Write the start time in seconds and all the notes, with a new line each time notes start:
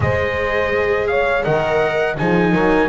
0.00 G#3 G#4 C5 D#5
1.07 C#5 F5
1.43 D#3 A#4 D#5 F#5
2.17 F3 D#4 G#4 G#5
2.52 F#3 A#4